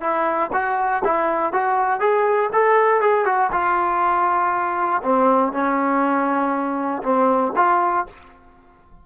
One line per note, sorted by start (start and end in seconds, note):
0.00 0.50 E4
0.52 1.02 F#4
1.04 1.52 E4
1.52 2.00 F#4
2.00 2.50 G#4
2.52 3.00 A4
3.00 3.25 G#4
3.25 3.50 F#4
3.52 5.02 F4
5.02 5.52 C4
5.52 7.02 C#4
7.02 7.52 C4
7.55 8.05 F4